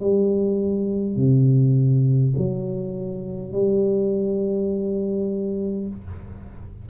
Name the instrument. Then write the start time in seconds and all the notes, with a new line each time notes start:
tuba
0.00 G3
1.16 C3
2.37 F#3
3.52 G3